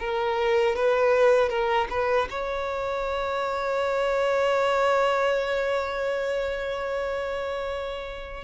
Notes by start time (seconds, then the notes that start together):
0.00 A#4
0.76 B4
1.50 A#4
1.90 B4
2.30 C#5